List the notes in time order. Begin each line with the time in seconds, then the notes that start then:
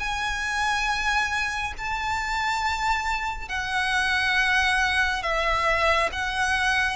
0.00 G#5
1.79 A5
3.49 F#5
5.23 E5
6.13 F#5